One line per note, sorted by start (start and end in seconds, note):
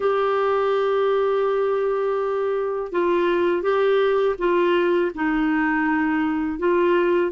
0.00 2.92 G4
2.92 3.62 F4
3.62 4.35 G4
4.38 5.11 F4
5.14 6.58 D#4
6.58 7.31 F4